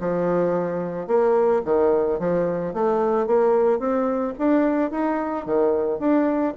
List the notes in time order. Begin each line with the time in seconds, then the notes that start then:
0.00 F3
1.07 A#3
1.65 D#3
2.19 F3
2.74 A3
3.27 A#3
3.79 C4
4.38 D4
4.91 D#4
5.46 D#3
6.00 D4